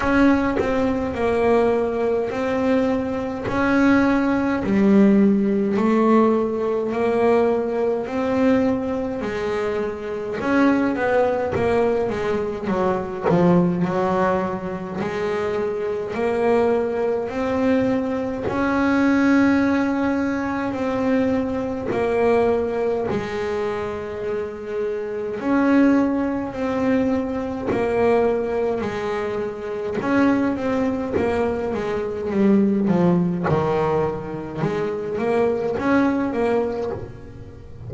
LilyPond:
\new Staff \with { instrumentName = "double bass" } { \time 4/4 \tempo 4 = 52 cis'8 c'8 ais4 c'4 cis'4 | g4 a4 ais4 c'4 | gis4 cis'8 b8 ais8 gis8 fis8 f8 | fis4 gis4 ais4 c'4 |
cis'2 c'4 ais4 | gis2 cis'4 c'4 | ais4 gis4 cis'8 c'8 ais8 gis8 | g8 f8 dis4 gis8 ais8 cis'8 ais8 | }